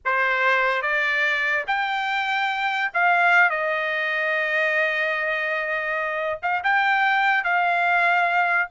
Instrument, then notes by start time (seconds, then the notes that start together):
trumpet
0.05 C5
0.82 D5
1.67 G5
2.93 F5
3.50 D#5
6.42 F5
6.63 G5
7.44 F5